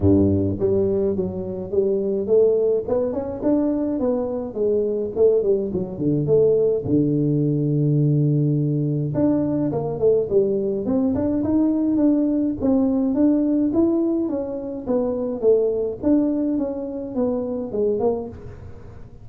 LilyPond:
\new Staff \with { instrumentName = "tuba" } { \time 4/4 \tempo 4 = 105 g,4 g4 fis4 g4 | a4 b8 cis'8 d'4 b4 | gis4 a8 g8 fis8 d8 a4 | d1 |
d'4 ais8 a8 g4 c'8 d'8 | dis'4 d'4 c'4 d'4 | e'4 cis'4 b4 a4 | d'4 cis'4 b4 gis8 ais8 | }